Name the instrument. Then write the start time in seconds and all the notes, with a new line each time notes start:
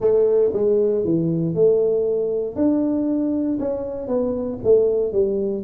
tuba
0.00 A3
0.53 G#3
1.04 E3
1.54 A3
2.55 D4
3.59 C#4
4.07 B3
4.63 A3
5.12 G3